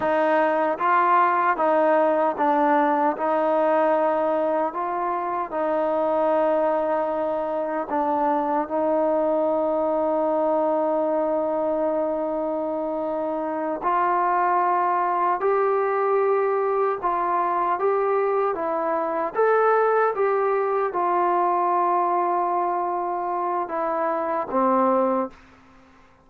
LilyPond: \new Staff \with { instrumentName = "trombone" } { \time 4/4 \tempo 4 = 76 dis'4 f'4 dis'4 d'4 | dis'2 f'4 dis'4~ | dis'2 d'4 dis'4~ | dis'1~ |
dis'4. f'2 g'8~ | g'4. f'4 g'4 e'8~ | e'8 a'4 g'4 f'4.~ | f'2 e'4 c'4 | }